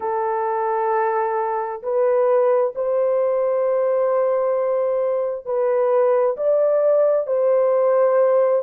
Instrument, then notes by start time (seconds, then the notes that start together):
horn
0.00 A4
1.82 B4
2.75 C5
5.45 B4
6.36 D5
7.26 C5